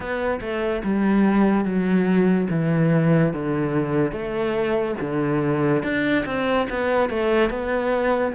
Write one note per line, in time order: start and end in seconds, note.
0.00 0.39 B3
0.40 0.82 A3
0.84 1.64 G3
1.64 2.48 F#3
2.50 3.33 E3
3.33 4.12 D3
4.12 4.95 A3
5.00 5.83 D3
5.83 6.25 D4
6.25 6.67 C4
6.69 7.09 B3
7.09 7.50 A3
7.50 8.33 B3